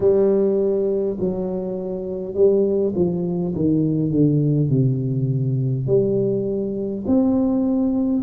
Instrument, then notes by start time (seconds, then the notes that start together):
tuba
0.00 G3
1.19 F#3
2.34 G3
2.95 F3
3.55 D#3
4.11 D3
4.68 C3
5.87 G3
7.06 C4